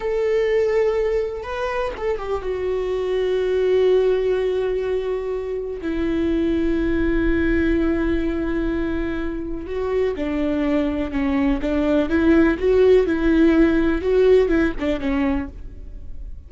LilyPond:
\new Staff \with { instrumentName = "viola" } { \time 4/4 \tempo 4 = 124 a'2. b'4 | a'8 g'8 fis'2.~ | fis'1 | e'1~ |
e'1 | fis'4 d'2 cis'4 | d'4 e'4 fis'4 e'4~ | e'4 fis'4 e'8 d'8 cis'4 | }